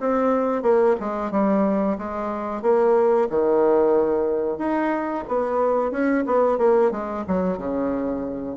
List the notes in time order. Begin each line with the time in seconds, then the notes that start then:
0.00 C4
0.63 A#3
1.00 G#3
1.31 G3
1.98 G#3
2.62 A#3
3.30 D#3
4.58 D#4
5.28 B3
5.91 C#4
6.26 B3
6.58 A#3
6.91 G#3
7.28 F#3
7.58 C#3